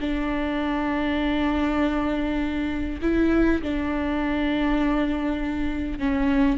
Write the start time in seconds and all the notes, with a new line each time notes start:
0.00 D4
3.02 E4
3.62 D4
5.99 C#4